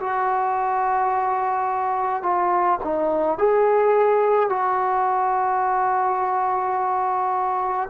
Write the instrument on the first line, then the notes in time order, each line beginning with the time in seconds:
trombone
0.00 F#4
2.23 F4
2.84 D#4
3.39 G#4
4.50 F#4